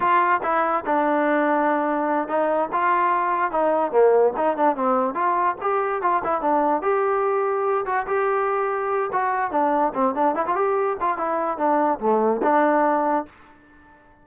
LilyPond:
\new Staff \with { instrumentName = "trombone" } { \time 4/4 \tempo 4 = 145 f'4 e'4 d'2~ | d'4. dis'4 f'4.~ | f'8 dis'4 ais4 dis'8 d'8 c'8~ | c'8 f'4 g'4 f'8 e'8 d'8~ |
d'8 g'2~ g'8 fis'8 g'8~ | g'2 fis'4 d'4 | c'8 d'8 e'16 f'16 g'4 f'8 e'4 | d'4 a4 d'2 | }